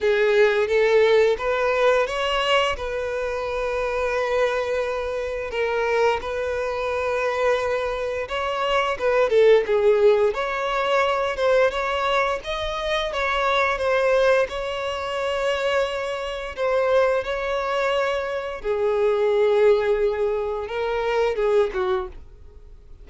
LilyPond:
\new Staff \with { instrumentName = "violin" } { \time 4/4 \tempo 4 = 87 gis'4 a'4 b'4 cis''4 | b'1 | ais'4 b'2. | cis''4 b'8 a'8 gis'4 cis''4~ |
cis''8 c''8 cis''4 dis''4 cis''4 | c''4 cis''2. | c''4 cis''2 gis'4~ | gis'2 ais'4 gis'8 fis'8 | }